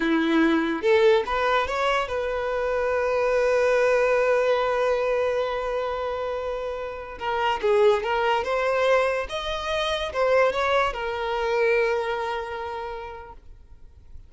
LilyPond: \new Staff \with { instrumentName = "violin" } { \time 4/4 \tempo 4 = 144 e'2 a'4 b'4 | cis''4 b'2.~ | b'1~ | b'1~ |
b'4~ b'16 ais'4 gis'4 ais'8.~ | ais'16 c''2 dis''4.~ dis''16~ | dis''16 c''4 cis''4 ais'4.~ ais'16~ | ais'1 | }